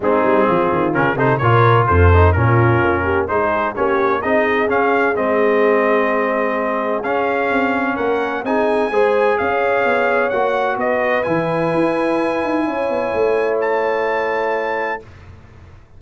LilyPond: <<
  \new Staff \with { instrumentName = "trumpet" } { \time 4/4 \tempo 4 = 128 gis'2 ais'8 c''8 cis''4 | c''4 ais'2 c''4 | cis''4 dis''4 f''4 dis''4~ | dis''2. f''4~ |
f''4 fis''4 gis''2 | f''2 fis''4 dis''4 | gis''1~ | gis''4 a''2. | }
  \new Staff \with { instrumentName = "horn" } { \time 4/4 dis'4 f'4. a'8 ais'4 | a'4 f'4. g'8 gis'4 | g'4 gis'2.~ | gis'1~ |
gis'4 ais'4 gis'4 c''4 | cis''2. b'4~ | b'2. cis''4~ | cis''1 | }
  \new Staff \with { instrumentName = "trombone" } { \time 4/4 c'2 cis'8 dis'8 f'4~ | f'8 dis'8 cis'2 dis'4 | cis'4 dis'4 cis'4 c'4~ | c'2. cis'4~ |
cis'2 dis'4 gis'4~ | gis'2 fis'2 | e'1~ | e'1 | }
  \new Staff \with { instrumentName = "tuba" } { \time 4/4 gis8 g8 f8 dis8 cis8 c8 ais,4 | f,4 ais,4 ais4 gis4 | ais4 c'4 cis'4 gis4~ | gis2. cis'4 |
c'4 ais4 c'4 gis4 | cis'4 b4 ais4 b4 | e4 e'4. dis'8 cis'8 b8 | a1 | }
>>